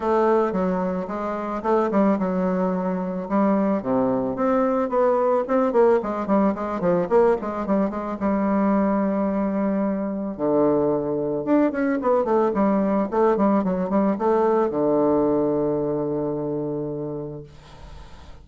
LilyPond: \new Staff \with { instrumentName = "bassoon" } { \time 4/4 \tempo 4 = 110 a4 fis4 gis4 a8 g8 | fis2 g4 c4 | c'4 b4 c'8 ais8 gis8 g8 | gis8 f8 ais8 gis8 g8 gis8 g4~ |
g2. d4~ | d4 d'8 cis'8 b8 a8 g4 | a8 g8 fis8 g8 a4 d4~ | d1 | }